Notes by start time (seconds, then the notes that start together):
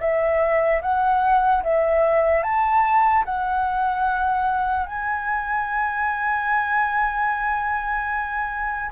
0.00 E5
0.82 F#5
1.63 E5
2.43 A5
3.25 F#5
4.86 G#5